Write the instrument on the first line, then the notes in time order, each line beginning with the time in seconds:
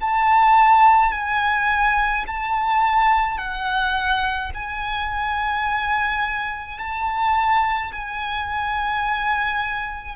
violin
0.00 A5
1.12 G#5
2.26 A5
3.38 F#5
4.54 G#5
6.78 A5
7.92 G#5